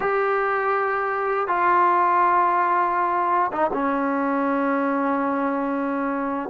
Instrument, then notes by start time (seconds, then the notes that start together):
trombone
0.00 G4
1.47 F4
3.52 D#4
3.73 C#4